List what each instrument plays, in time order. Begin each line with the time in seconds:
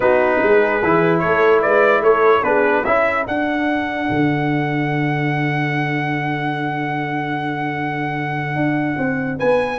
0.00 tuba B3, trombone D#4, horn F#4, trumpet B4
0.42 tuba G#3, horn G#4
0.83 tuba E3, trombone E4
1.19 tuba A3, horn A4, trumpet C#5
1.61 tuba G#3, horn B4, trumpet D5
2.01 tuba A3, horn A4, trumpet C#5
2.43 tuba B3, trombone D4, horn G#4, trumpet B4
2.84 tuba C#4, trombone E4, horn A4, trumpet E5
3.27 tuba D4, trombone D4, trumpet F#5
4.09 tuba D3
8.55 tuba D4
8.98 tuba C4
9.37 tuba B3, horn B4, trumpet G#5